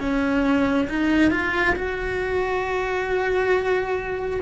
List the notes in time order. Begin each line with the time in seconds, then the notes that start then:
0.00 C#4
0.89 D#4
1.31 F4
1.76 F#4